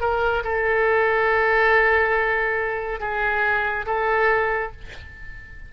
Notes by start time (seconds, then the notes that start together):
0.00 A#4
0.44 A4
3.00 G#4
3.86 A4